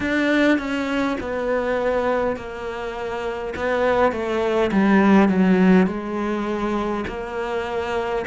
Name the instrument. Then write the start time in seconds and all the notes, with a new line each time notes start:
cello
0.00 D4
0.58 C#4
1.20 B3
2.36 A#3
3.56 B3
4.12 A3
4.71 G3
5.28 F#3
5.87 G#3
7.07 A#3